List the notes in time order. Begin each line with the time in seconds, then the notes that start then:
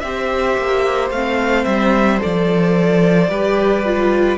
0.00 C4 G4 C5 E5
0.58 A#3
1.11 A3 C4 F5
1.65 G3 E5
2.19 A4 D5
2.25 F3
3.29 G3 G4 B4
3.85 F4